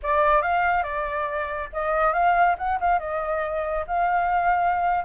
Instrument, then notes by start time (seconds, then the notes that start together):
flute
0.03 D5
0.42 F5
0.83 D5
1.73 D#5
2.13 F5
2.57 F#5
2.80 F5
2.99 D#5
3.87 F5